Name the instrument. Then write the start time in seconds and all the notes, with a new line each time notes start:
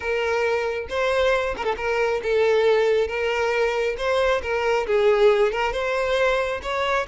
violin
0.00 A#4
0.89 C5
1.56 A#4
1.64 A4
1.76 A#4
2.22 A4
3.07 A#4
3.97 C5
4.42 A#4
4.86 G#4
5.51 A#4
5.72 C5
6.62 C#5